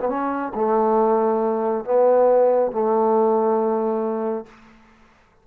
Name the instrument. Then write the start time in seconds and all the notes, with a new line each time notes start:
trombone
0.00 B3
0.09 C#4
0.55 A3
1.85 B3
2.72 A3